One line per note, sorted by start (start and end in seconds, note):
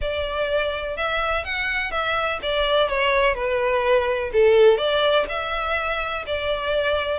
0.01 0.96 D5
0.96 1.44 E5
1.44 1.91 F#5
1.91 2.39 E5
2.42 2.88 D5
2.88 3.35 C#5
3.35 4.31 B4
4.32 4.77 A4
4.77 5.25 D5
5.28 6.24 E5
6.26 7.19 D5